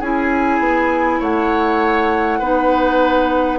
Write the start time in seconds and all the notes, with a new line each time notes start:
0.00 C#4 E4 G#4 G#5
0.59 B3
1.20 A3 C#5 F#5
2.39 B3 D#4 B4